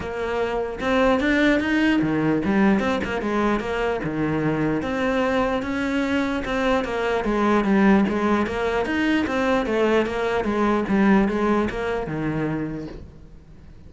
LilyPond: \new Staff \with { instrumentName = "cello" } { \time 4/4 \tempo 4 = 149 ais2 c'4 d'4 | dis'4 dis4 g4 c'8 ais8 | gis4 ais4 dis2 | c'2 cis'2 |
c'4 ais4 gis4 g4 | gis4 ais4 dis'4 c'4 | a4 ais4 gis4 g4 | gis4 ais4 dis2 | }